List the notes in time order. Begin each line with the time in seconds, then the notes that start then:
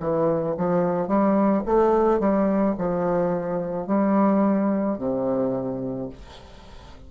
0.00 E3
0.57 F3
1.08 G3
1.66 A3
2.20 G3
2.78 F3
3.87 G3
4.98 C3